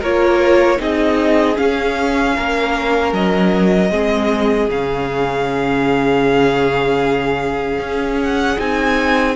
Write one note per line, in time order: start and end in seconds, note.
0.00 0.79 A#3
0.00 0.78 F4
0.00 0.78 A#4
0.00 0.81 C#5
0.78 1.57 C4
0.78 1.56 D#4
0.78 2.36 G#4
0.78 1.57 D#5
1.56 3.89 C#4
1.56 2.37 C#4
1.56 3.13 F5
2.36 3.12 A#3
2.36 3.91 A#4
3.12 3.90 F#3
3.12 4.70 D#5
3.90 4.68 G#3
3.90 4.68 C4
3.90 9.35 G#4
4.68 7.79 C#3
4.68 8.58 C#4
4.68 8.22 F5
7.79 8.57 C#4
8.22 8.60 F#5
8.58 9.35 C4
8.58 9.35 D#4
8.58 9.35 G#5